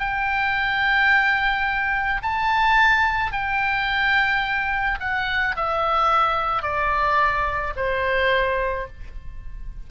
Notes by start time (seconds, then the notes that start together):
0.00 G5
2.23 A5
3.32 G5
5.01 F#5
5.57 E5
6.63 D5
7.77 C5